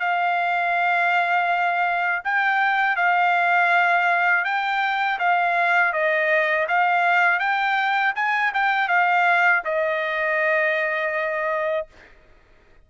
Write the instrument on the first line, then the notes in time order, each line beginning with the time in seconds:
trumpet
0.00 F5
2.24 G5
2.96 F5
4.44 G5
5.19 F5
5.93 D#5
6.68 F5
7.40 G5
8.15 G#5
8.54 G5
8.89 F5
9.65 D#5